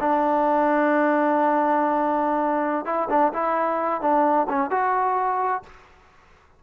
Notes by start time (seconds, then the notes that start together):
0.00 D4
2.86 E4
3.10 D4
3.34 E4
4.01 D4
4.49 C#4
4.71 F#4